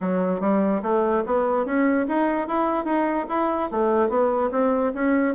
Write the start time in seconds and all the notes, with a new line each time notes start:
0.01 F#3
0.40 G3
0.82 A3
1.26 B3
1.65 C#4
2.08 D#4
2.47 E4
2.85 D#4
3.28 E4
3.71 A3
4.09 B3
4.51 C4
4.94 C#4